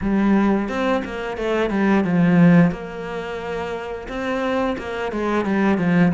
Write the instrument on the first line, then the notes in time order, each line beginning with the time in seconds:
cello
0.01 G3
0.68 C4
1.04 A#3
1.37 A3
1.70 G3
2.04 F3
2.71 A#3
4.08 C4
4.77 A#3
5.12 G#3
5.45 G3
5.78 F3